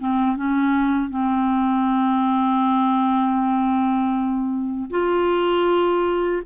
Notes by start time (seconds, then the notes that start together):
0.00 C4
0.37 C#4
1.10 C4
4.91 F4